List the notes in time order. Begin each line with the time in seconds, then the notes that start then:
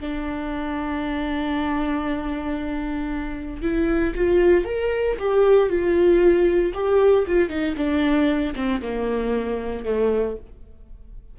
0.00 D4
3.62 E4
4.15 F4
4.65 A#4
5.19 G4
5.69 F4
6.74 G4
7.27 F4
7.49 D#4
7.77 D4
8.56 C4
8.82 A#3
9.85 A3